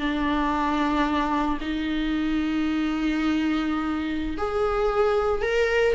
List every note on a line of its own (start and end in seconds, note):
0.00 1.58 D4
1.61 4.37 D#4
4.38 5.42 G#4
5.42 5.95 A#4